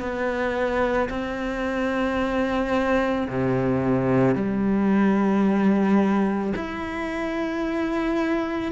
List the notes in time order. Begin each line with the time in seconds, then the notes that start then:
0.00 B3
1.10 C4
3.29 C3
4.35 G3
6.56 E4